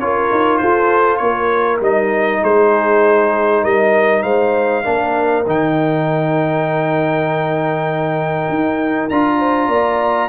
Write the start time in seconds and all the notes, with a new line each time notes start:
0.00 C#4 F4 A#4 C#5
0.32 D#4
0.58 F4 A4 C5
1.17 A#3 C#5
1.23 A#4
1.81 G3 D#4 D#5
2.42 G#3 G#4 C5
3.63 G3 A#4 D#5
4.23 G#3 C5 F5
4.84 A#3 D4 A#4
5.47 D#3 D#4 G5
8.49 D#4
9.10 D4 F4 A#5
9.38 C5
9.68 A#3 D5